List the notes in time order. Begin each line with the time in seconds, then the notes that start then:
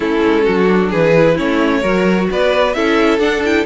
0.00 A3 C#4 E4 A4
0.24 G#3
0.44 F#3 F#4
0.66 D4
0.89 E3 G#4 B4
1.17 E4
1.34 A3 C#4 E4 C#5
1.81 F#3 F#4 A#4
2.30 B3 B4 D5
2.73 C#4 E4 A4 E5
3.18 D4 F#5
3.44 E4 G5